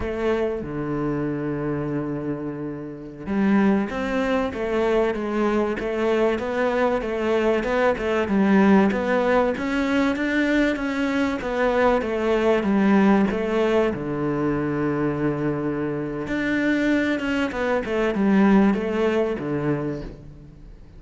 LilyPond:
\new Staff \with { instrumentName = "cello" } { \time 4/4 \tempo 4 = 96 a4 d2.~ | d4~ d16 g4 c'4 a8.~ | a16 gis4 a4 b4 a8.~ | a16 b8 a8 g4 b4 cis'8.~ |
cis'16 d'4 cis'4 b4 a8.~ | a16 g4 a4 d4.~ d16~ | d2 d'4. cis'8 | b8 a8 g4 a4 d4 | }